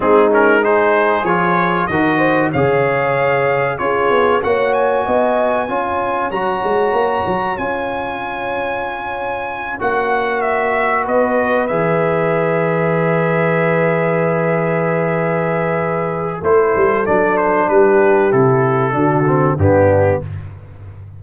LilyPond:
<<
  \new Staff \with { instrumentName = "trumpet" } { \time 4/4 \tempo 4 = 95 gis'8 ais'8 c''4 cis''4 dis''4 | f''2 cis''4 fis''8 gis''8~ | gis''2 ais''2 | gis''2.~ gis''8 fis''8~ |
fis''8 e''4 dis''4 e''4.~ | e''1~ | e''2 c''4 d''8 c''8 | b'4 a'2 g'4 | }
  \new Staff \with { instrumentName = "horn" } { \time 4/4 dis'4 gis'2 ais'8 c''8 | cis''2 gis'4 cis''4 | dis''4 cis''2.~ | cis''1~ |
cis''4. b'2~ b'8~ | b'1~ | b'2 a'2 | g'2 fis'4 d'4 | }
  \new Staff \with { instrumentName = "trombone" } { \time 4/4 c'8 cis'8 dis'4 f'4 fis'4 | gis'2 f'4 fis'4~ | fis'4 f'4 fis'2 | f'2.~ f'8 fis'8~ |
fis'2~ fis'8 gis'4.~ | gis'1~ | gis'2 e'4 d'4~ | d'4 e'4 d'8 c'8 b4 | }
  \new Staff \with { instrumentName = "tuba" } { \time 4/4 gis2 f4 dis4 | cis2 cis'8 b8 ais4 | b4 cis'4 fis8 gis8 ais8 fis8 | cis'2.~ cis'8 ais8~ |
ais4. b4 e4.~ | e1~ | e2 a8 g8 fis4 | g4 c4 d4 g,4 | }
>>